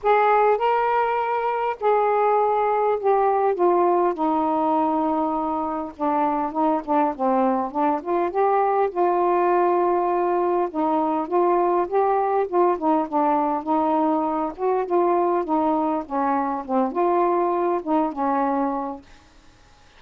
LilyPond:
\new Staff \with { instrumentName = "saxophone" } { \time 4/4 \tempo 4 = 101 gis'4 ais'2 gis'4~ | gis'4 g'4 f'4 dis'4~ | dis'2 d'4 dis'8 d'8 | c'4 d'8 f'8 g'4 f'4~ |
f'2 dis'4 f'4 | g'4 f'8 dis'8 d'4 dis'4~ | dis'8 fis'8 f'4 dis'4 cis'4 | c'8 f'4. dis'8 cis'4. | }